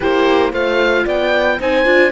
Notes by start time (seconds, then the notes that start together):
0.00 A#3 E4 G4 C5
0.51 A3 F4 C5 F5
1.05 B3 D5 G5
1.59 C4 D#4 C5 G#5
1.84 D4 F4